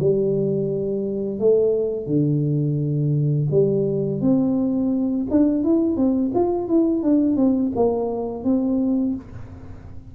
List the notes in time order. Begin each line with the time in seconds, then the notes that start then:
0.00 G3
1.40 A3
2.07 D3
3.51 G3
4.22 C4
5.31 D4
5.64 E4
5.97 C4
6.35 F4
6.69 E4
7.03 D4
7.37 C4
7.76 A#3
8.44 C4